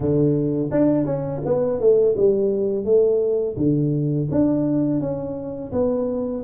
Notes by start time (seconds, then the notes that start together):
0.00 D3
0.71 D4
1.05 C#4
1.45 B3
1.80 A3
2.16 G3
2.84 A3
3.56 D3
4.30 D4
5.00 C#4
5.71 B3